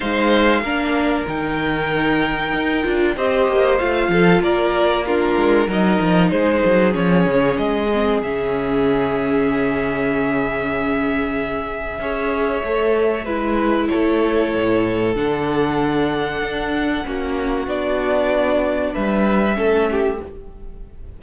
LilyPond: <<
  \new Staff \with { instrumentName = "violin" } { \time 4/4 \tempo 4 = 95 f''2 g''2~ | g''4 dis''4 f''4 d''4 | ais'4 dis''4 c''4 cis''4 | dis''4 e''2.~ |
e''1~ | e''2 cis''2 | fis''1 | d''2 e''2 | }
  \new Staff \with { instrumentName = "violin" } { \time 4/4 c''4 ais'2.~ | ais'4 c''4. a'8 ais'4 | f'4 ais'4 gis'2~ | gis'1~ |
gis'2. cis''4~ | cis''4 b'4 a'2~ | a'2. fis'4~ | fis'2 b'4 a'8 g'8 | }
  \new Staff \with { instrumentName = "viola" } { \time 4/4 dis'4 d'4 dis'2~ | dis'8 f'8 g'4 f'2 | d'4 dis'2 cis'4~ | cis'8 c'8 cis'2.~ |
cis'2. gis'4 | a'4 e'2. | d'2. cis'4 | d'2. cis'4 | }
  \new Staff \with { instrumentName = "cello" } { \time 4/4 gis4 ais4 dis2 | dis'8 d'8 c'8 ais8 a8 f8 ais4~ | ais8 gis8 fis8 f8 gis8 fis8 f8 cis8 | gis4 cis2.~ |
cis2. cis'4 | a4 gis4 a4 a,4 | d2 d'4 ais4 | b2 g4 a4 | }
>>